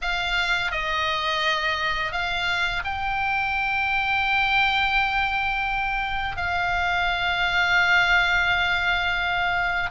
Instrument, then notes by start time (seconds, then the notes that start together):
oboe
0.01 F5
0.71 D#5
2.12 F5
2.84 G5
6.37 F5